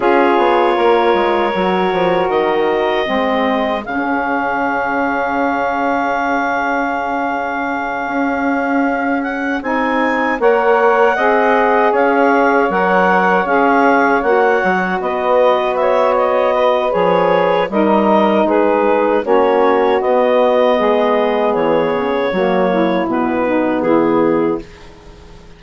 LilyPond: <<
  \new Staff \with { instrumentName = "clarinet" } { \time 4/4 \tempo 4 = 78 cis''2. dis''4~ | dis''4 f''2.~ | f''1 | fis''8 gis''4 fis''2 f''8~ |
f''8 fis''4 f''4 fis''4 dis''8~ | dis''8 e''8 dis''4 cis''4 dis''4 | b'4 cis''4 dis''2 | cis''2 b'4 gis'4 | }
  \new Staff \with { instrumentName = "saxophone" } { \time 4/4 gis'4 ais'2. | gis'1~ | gis'1~ | gis'4. cis''4 dis''4 cis''8~ |
cis''2.~ cis''8 b'8~ | b'8 cis''4 b'4. ais'4 | gis'4 fis'2 gis'4~ | gis'4 fis'8 e'4 dis'8 e'4 | }
  \new Staff \with { instrumentName = "saxophone" } { \time 4/4 f'2 fis'2 | c'4 cis'2.~ | cis'1~ | cis'8 dis'4 ais'4 gis'4.~ |
gis'8 ais'4 gis'4 fis'4.~ | fis'2 gis'4 dis'4~ | dis'4 cis'4 b2~ | b4 ais4 b2 | }
  \new Staff \with { instrumentName = "bassoon" } { \time 4/4 cis'8 b8 ais8 gis8 fis8 f8 dis4 | gis4 cis2.~ | cis2~ cis8 cis'4.~ | cis'8 c'4 ais4 c'4 cis'8~ |
cis'8 fis4 cis'4 ais8 fis8 b8~ | b2 f4 g4 | gis4 ais4 b4 gis4 | e8 cis8 fis4 b,4 e4 | }
>>